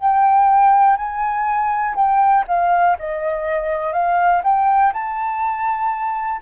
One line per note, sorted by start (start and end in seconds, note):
0.00 0.96 G5
0.96 1.94 G#5
1.95 2.44 G5
2.48 2.97 F5
2.99 3.93 D#5
3.93 4.42 F5
4.44 4.93 G5
4.93 6.41 A5